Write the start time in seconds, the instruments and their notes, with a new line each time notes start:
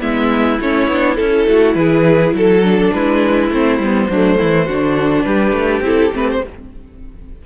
0.00 cello G#3, viola B3, violin E4 E5
0.60 cello A3, viola C#4, violin C#5
0.88 cello B3, viola D4
1.16 cello C#4, viola E4, violin A4
1.47 cello A3, violin F#4
1.75 cello E3, violin G#4 B4
2.33 cello F#3, violin A4
2.63 viola D4
2.93 cello G#3, violin E4 B4
3.50 cello A3, viola C4, violin C5
3.79 cello G3, viola B3
4.09 cello F#3, viola A3, violin D4
4.39 cello E3, violin E4
4.66 cello D3, viola D4, violin F#4
5.23 cello G3, violin G4 B4
5.52 cello A3
5.81 cello C4, viola E4, violin A4
6.13 cello A3, viola C4, violin B4
6.31 violin C5